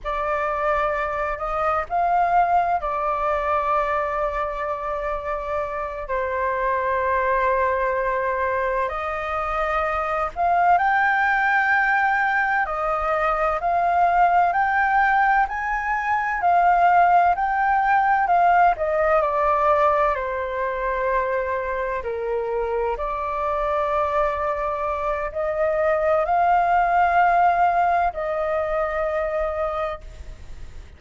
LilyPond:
\new Staff \with { instrumentName = "flute" } { \time 4/4 \tempo 4 = 64 d''4. dis''8 f''4 d''4~ | d''2~ d''8 c''4.~ | c''4. dis''4. f''8 g''8~ | g''4. dis''4 f''4 g''8~ |
g''8 gis''4 f''4 g''4 f''8 | dis''8 d''4 c''2 ais'8~ | ais'8 d''2~ d''8 dis''4 | f''2 dis''2 | }